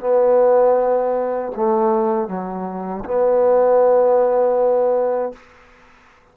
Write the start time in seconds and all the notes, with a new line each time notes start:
0.00 B3
1.55 A3
2.28 F#3
3.05 B3